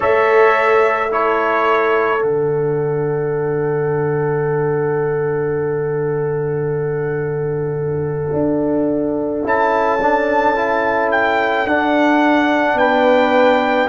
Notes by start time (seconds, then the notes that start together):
0.00 A3 A4 C#5 E5
1.11 E4 A4 C#5
2.18 D3 D4 F#5
8.33 D4
9.43 C#4 E4 A5
10.01 D4
10.55 E4
11.11 G5
11.65 D4 F#5
12.74 B3 B4 G5